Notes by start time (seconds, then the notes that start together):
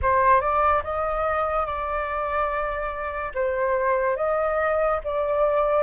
0.02 C5
0.41 D5
0.83 D#5
1.66 D5
3.34 C5
4.16 D#5
5.03 D5